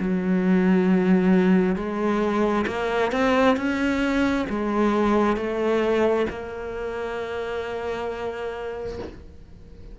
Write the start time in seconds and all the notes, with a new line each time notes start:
0.00 F#3
1.76 G#3
2.67 A#3
3.12 C4
3.57 C#4
4.50 G#3
5.37 A3
6.31 A#3